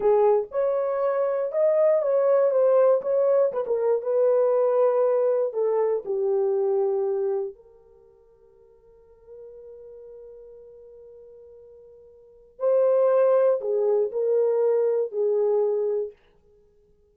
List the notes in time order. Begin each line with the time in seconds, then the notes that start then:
0.00 G#4
0.51 C#5
1.52 D#5
2.02 C#5
2.50 C5
3.01 C#5
3.52 B4
3.66 A#4
4.02 B4
5.53 A4
6.05 G4
7.55 A#4
12.59 C5
13.60 G#4
14.11 A#4
15.11 G#4